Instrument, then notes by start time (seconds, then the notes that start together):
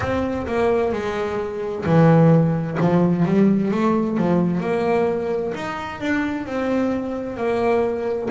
double bass
0.00 C4
0.47 A#3
0.92 G#3
1.85 E3
2.80 F3
3.25 G3
3.71 A3
4.17 F3
4.60 A#3
5.54 D#4
6.00 D4
6.46 C4
7.36 A#3